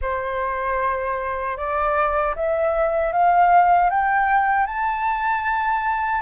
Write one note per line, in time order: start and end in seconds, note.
0.01 1.57 C5
1.57 2.34 D5
2.35 3.12 E5
3.12 3.90 F5
3.90 4.66 G5
4.66 6.21 A5